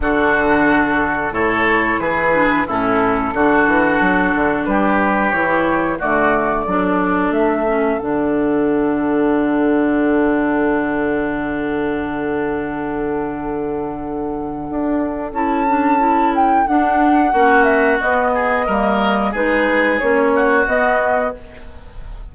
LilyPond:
<<
  \new Staff \with { instrumentName = "flute" } { \time 4/4 \tempo 4 = 90 a'2 cis''4 b'4 | a'2. b'4 | cis''4 d''2 e''4 | fis''1~ |
fis''1~ | fis''2. a''4~ | a''8 g''8 fis''4. e''8 dis''4~ | dis''4 b'4 cis''4 dis''4 | }
  \new Staff \with { instrumentName = "oboe" } { \time 4/4 fis'2 a'4 gis'4 | e'4 fis'2 g'4~ | g'4 fis'4 a'2~ | a'1~ |
a'1~ | a'1~ | a'2 fis'4. gis'8 | ais'4 gis'4. fis'4. | }
  \new Staff \with { instrumentName = "clarinet" } { \time 4/4 d'2 e'4. d'8 | cis'4 d'2. | e'4 a4 d'4. cis'8 | d'1~ |
d'1~ | d'2. e'8 d'8 | e'4 d'4 cis'4 b4 | ais4 dis'4 cis'4 b4 | }
  \new Staff \with { instrumentName = "bassoon" } { \time 4/4 d2 a,4 e4 | a,4 d8 e8 fis8 d8 g4 | e4 d4 fis4 a4 | d1~ |
d1~ | d2 d'4 cis'4~ | cis'4 d'4 ais4 b4 | g4 gis4 ais4 b4 | }
>>